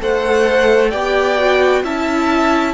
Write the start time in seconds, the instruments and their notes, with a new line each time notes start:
0.00 cello A3, viola A4, violin C5 F#5
0.91 cello B3, viola G4, violin D5 G5
1.38 viola F#4
1.83 cello C#4, viola E4, violin E5 A5